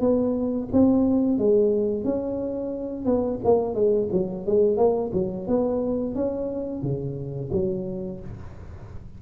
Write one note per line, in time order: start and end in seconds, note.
0.00 0.68 B3
0.72 1.38 C4
1.38 2.04 G#3
2.04 3.05 C#4
3.05 3.39 B3
3.44 3.74 A#3
3.74 4.08 G#3
4.12 4.46 F#3
4.46 4.77 G#3
4.77 5.11 A#3
5.13 5.47 F#3
5.47 6.14 B3
6.14 6.82 C#4
6.82 7.50 C#3
7.52 8.20 F#3